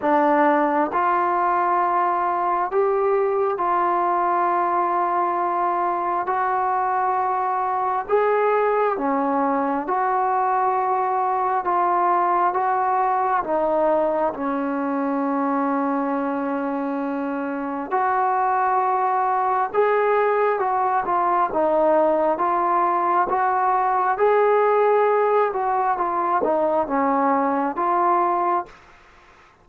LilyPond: \new Staff \with { instrumentName = "trombone" } { \time 4/4 \tempo 4 = 67 d'4 f'2 g'4 | f'2. fis'4~ | fis'4 gis'4 cis'4 fis'4~ | fis'4 f'4 fis'4 dis'4 |
cis'1 | fis'2 gis'4 fis'8 f'8 | dis'4 f'4 fis'4 gis'4~ | gis'8 fis'8 f'8 dis'8 cis'4 f'4 | }